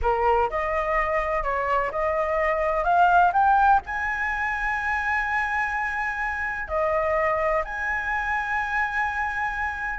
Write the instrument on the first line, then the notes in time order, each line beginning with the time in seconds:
flute
0.02 A#4
0.50 D#5
1.43 C#5
1.91 D#5
2.83 F5
3.32 G5
3.85 G#5
6.68 D#5
7.64 G#5